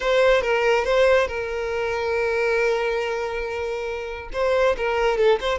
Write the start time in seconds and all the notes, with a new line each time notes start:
0.00 C5
0.41 A#4
0.84 C5
1.27 A#4
4.33 C5
4.77 A#4
5.17 A4
5.40 C5